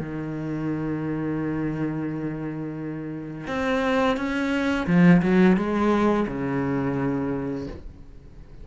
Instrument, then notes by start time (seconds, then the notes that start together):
cello
0.00 D#3
3.48 C4
4.17 C#4
4.87 F3
5.23 F#3
5.57 G#3
6.28 C#3